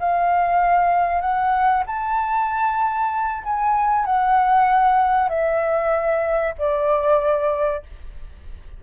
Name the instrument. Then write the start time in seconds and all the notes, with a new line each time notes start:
flute
0.00 F5
1.21 F#5
1.87 A5
3.44 G#5
4.06 F#5
5.30 E5
6.59 D5